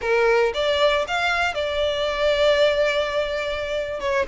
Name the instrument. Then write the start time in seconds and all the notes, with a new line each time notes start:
violin
0.01 A#4
0.54 D5
1.07 F5
1.54 D5
4.00 C#5